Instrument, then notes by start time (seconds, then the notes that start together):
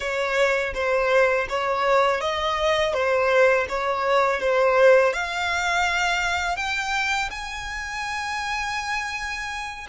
violin
0.00 C#5
0.74 C5
1.49 C#5
2.20 D#5
2.93 C5
3.68 C#5
4.40 C5
5.13 F5
6.56 G5
7.30 G#5